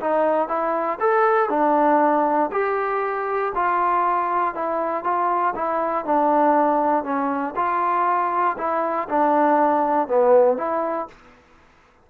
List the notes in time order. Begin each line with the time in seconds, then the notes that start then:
0.00 D#4
0.48 E4
1.00 A4
1.49 D4
2.52 G4
3.55 F4
4.54 E4
5.04 F4
5.55 E4
6.05 D4
7.04 C#4
7.56 F4
8.58 E4
9.09 D4
10.08 B3
10.57 E4